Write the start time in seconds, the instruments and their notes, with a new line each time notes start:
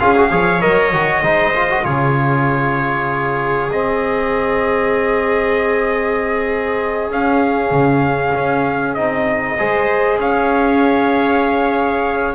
0.00 double bass C#4, trombone F4, viola G#4, trumpet F5
0.17 trombone F#4
0.31 double bass F3, trombone G#4, viola C#5
0.61 double bass F#3, trombone A#4, trumpet D#5
0.93 double bass D#3, trombone F#4
1.22 double bass G#3, trombone D#4, viola C5
1.55 trombone F4
1.70 trombone F#4
1.83 double bass C#3, trombone F4, viola G#4, trumpet C#5
3.69 double bass G#3, trombone C4, trumpet D#5
7.10 double bass C#4, trombone C#4, trumpet F5
7.71 double bass C#3
8.35 double bass C#4
8.94 double bass C4, trombone D#4, trumpet D#5
9.59 double bass G#3, trombone G#4, viola C5
10.18 double bass C#4, viola C#5, trumpet F5